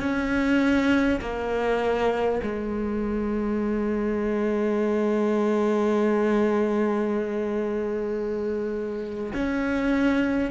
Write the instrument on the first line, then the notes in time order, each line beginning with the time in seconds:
cello
0.00 C#4
1.21 A#3
2.43 G#3
9.34 C#4